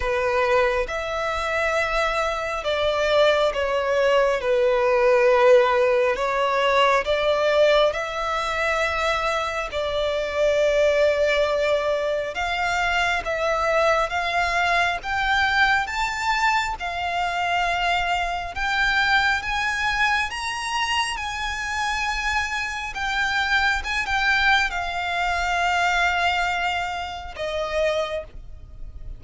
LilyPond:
\new Staff \with { instrumentName = "violin" } { \time 4/4 \tempo 4 = 68 b'4 e''2 d''4 | cis''4 b'2 cis''4 | d''4 e''2 d''4~ | d''2 f''4 e''4 |
f''4 g''4 a''4 f''4~ | f''4 g''4 gis''4 ais''4 | gis''2 g''4 gis''16 g''8. | f''2. dis''4 | }